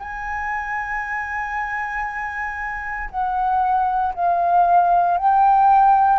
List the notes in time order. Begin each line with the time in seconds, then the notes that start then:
0.00 G#5
3.11 F#5
4.15 F5
5.18 G5